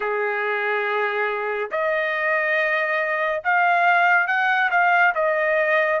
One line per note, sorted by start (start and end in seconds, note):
0.00 1.70 G#4
1.71 3.42 D#5
3.44 4.27 F5
4.27 4.69 F#5
4.70 5.13 F5
5.14 6.00 D#5